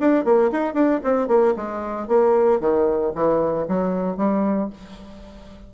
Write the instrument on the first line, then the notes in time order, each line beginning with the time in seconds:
bassoon
0.00 D4
0.24 A#3
0.52 D#4
0.73 D4
1.04 C4
1.28 A#3
1.56 G#3
2.07 A#3
2.60 D#3
3.15 E3
3.68 F#3
4.17 G3